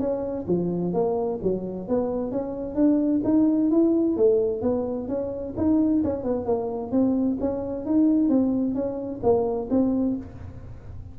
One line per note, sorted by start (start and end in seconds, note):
0.00 0.46 C#4
0.48 0.94 F3
0.94 1.40 A#3
1.43 1.89 F#3
1.89 2.32 B3
2.32 2.75 C#4
2.75 3.22 D4
3.25 3.71 D#4
3.71 4.17 E4
4.17 4.62 A3
4.62 5.09 B3
5.09 5.55 C#4
5.57 6.03 D#4
6.04 6.24 C#4
6.24 6.46 B3
6.46 6.92 A#3
6.92 7.38 C4
7.41 7.86 C#4
7.86 8.30 D#4
8.30 8.75 C4
8.75 9.21 C#4
9.23 9.69 A#3
9.70 10.17 C4